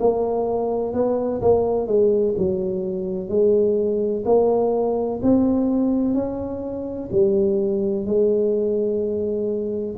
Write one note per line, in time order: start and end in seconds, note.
0.00 0.94 A#3
0.94 1.41 B3
1.42 1.87 A#3
1.87 2.35 G#3
2.38 3.29 F#3
3.29 4.24 G#3
4.25 5.20 A#3
5.23 6.14 C4
6.14 7.10 C#4
7.12 8.06 G3
8.06 9.97 G#3